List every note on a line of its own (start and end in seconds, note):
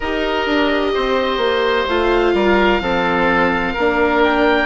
0.00 0.46 D#4
0.00 1.89 G4
0.00 0.92 A#4
0.00 1.88 D#5
0.46 0.93 D4
0.94 1.37 C4
0.94 2.34 C5
1.37 1.84 A#3
1.88 2.33 A3
1.88 2.82 F4
1.88 4.22 F5
2.33 2.80 G3
2.33 2.82 A#4
2.80 3.74 F3
2.80 3.75 C4
2.80 3.73 A4
3.73 4.65 A#3
3.73 4.65 A#4
3.79 4.65 D4
4.23 4.65 G5